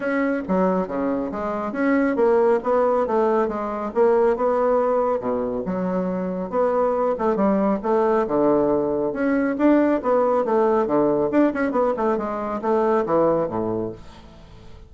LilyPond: \new Staff \with { instrumentName = "bassoon" } { \time 4/4 \tempo 4 = 138 cis'4 fis4 cis4 gis4 | cis'4 ais4 b4 a4 | gis4 ais4 b2 | b,4 fis2 b4~ |
b8 a8 g4 a4 d4~ | d4 cis'4 d'4 b4 | a4 d4 d'8 cis'8 b8 a8 | gis4 a4 e4 a,4 | }